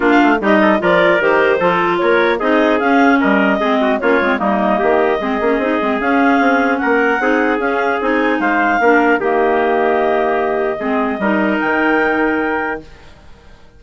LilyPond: <<
  \new Staff \with { instrumentName = "clarinet" } { \time 4/4 \tempo 4 = 150 ais'16 f''8. dis''4 d''4 c''4~ | c''4 cis''4 dis''4 f''4 | dis''2 cis''4 dis''4~ | dis''2. f''4~ |
f''4 fis''2 f''4 | gis''4 f''2 dis''4~ | dis''1~ | dis''4 g''2. | }
  \new Staff \with { instrumentName = "trumpet" } { \time 4/4 f'4 g'8 a'8 ais'2 | a'4 ais'4 gis'2 | ais'4 gis'8 fis'8 f'4 dis'4 | g'4 gis'2.~ |
gis'4 ais'4 gis'2~ | gis'4 c''4 ais'4 g'4~ | g'2. gis'4 | ais'1 | }
  \new Staff \with { instrumentName = "clarinet" } { \time 4/4 d'4 dis'4 f'4 g'4 | f'2 dis'4 cis'4~ | cis'4 c'4 cis'8 c'8 ais4~ | ais4 c'8 cis'8 dis'8 c'8 cis'4~ |
cis'2 dis'4 cis'4 | dis'2 d'4 ais4~ | ais2. c'4 | dis'1 | }
  \new Staff \with { instrumentName = "bassoon" } { \time 4/4 ais8 a8 g4 f4 dis4 | f4 ais4 c'4 cis'4 | g4 gis4 ais8 gis8 g4 | dis4 gis8 ais8 c'8 gis8 cis'4 |
c'4 ais4 c'4 cis'4 | c'4 gis4 ais4 dis4~ | dis2. gis4 | g4 dis2. | }
>>